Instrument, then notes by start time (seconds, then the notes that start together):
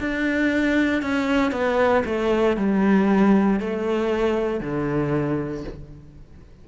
cello
0.00 D4
1.02 C#4
1.51 B3
2.05 A3
2.57 G3
3.60 A3
4.60 D3